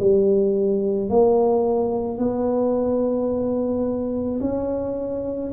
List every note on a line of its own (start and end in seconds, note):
0.00 1.10 G3
1.10 2.19 A#3
2.19 4.41 B3
4.41 5.52 C#4